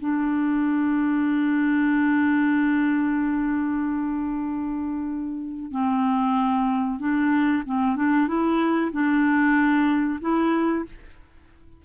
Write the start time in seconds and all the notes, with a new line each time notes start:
0.00 D4
5.72 C4
6.99 D4
7.66 C4
7.96 D4
8.28 E4
8.92 D4
10.21 E4